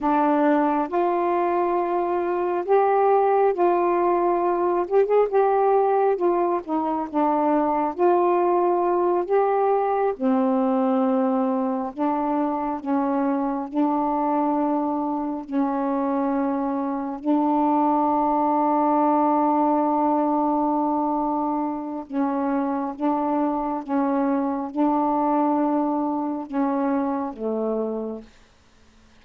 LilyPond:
\new Staff \with { instrumentName = "saxophone" } { \time 4/4 \tempo 4 = 68 d'4 f'2 g'4 | f'4. g'16 gis'16 g'4 f'8 dis'8 | d'4 f'4. g'4 c'8~ | c'4. d'4 cis'4 d'8~ |
d'4. cis'2 d'8~ | d'1~ | d'4 cis'4 d'4 cis'4 | d'2 cis'4 a4 | }